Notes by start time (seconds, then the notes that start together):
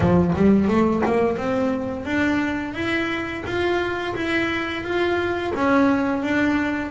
0.00 F3
0.35 G3
0.67 A3
1.05 A#3
1.37 C4
2.05 D4
2.74 E4
3.45 F4
4.15 E4
4.83 F4
5.55 C#4
6.22 D4